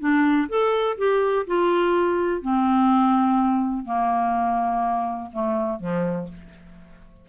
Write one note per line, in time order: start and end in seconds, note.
0.00 0.48 D4
0.49 0.98 A4
0.98 1.46 G4
1.47 2.42 F4
2.42 3.86 C4
3.86 5.31 A#3
5.33 5.80 A3
5.80 6.28 F3